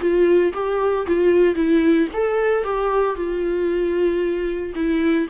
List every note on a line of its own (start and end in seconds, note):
0.00 0.53 F4
0.53 1.06 G4
1.06 1.55 F4
1.55 2.08 E4
2.13 2.64 A4
2.64 3.15 G4
3.15 4.73 F4
4.75 5.28 E4